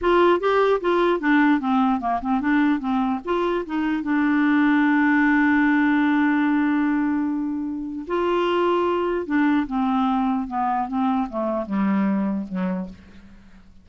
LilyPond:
\new Staff \with { instrumentName = "clarinet" } { \time 4/4 \tempo 4 = 149 f'4 g'4 f'4 d'4 | c'4 ais8 c'8 d'4 c'4 | f'4 dis'4 d'2~ | d'1~ |
d'1 | f'2. d'4 | c'2 b4 c'4 | a4 g2 fis4 | }